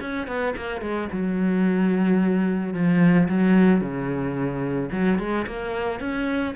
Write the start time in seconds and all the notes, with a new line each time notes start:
0.00 C#4
0.27 B3
0.56 A#3
0.81 G#3
1.12 F#3
2.73 F3
3.28 F#3
3.80 C#3
4.91 F#3
5.18 G#3
5.46 A#3
6.00 C#4